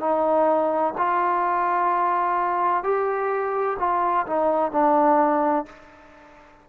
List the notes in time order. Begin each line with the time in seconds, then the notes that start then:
0.00 D#4
0.98 F4
2.83 G4
3.79 F4
4.27 D#4
4.72 D4